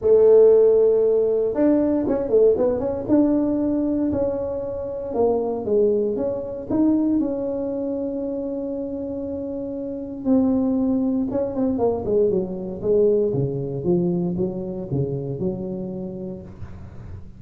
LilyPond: \new Staff \with { instrumentName = "tuba" } { \time 4/4 \tempo 4 = 117 a2. d'4 | cis'8 a8 b8 cis'8 d'2 | cis'2 ais4 gis4 | cis'4 dis'4 cis'2~ |
cis'1 | c'2 cis'8 c'8 ais8 gis8 | fis4 gis4 cis4 f4 | fis4 cis4 fis2 | }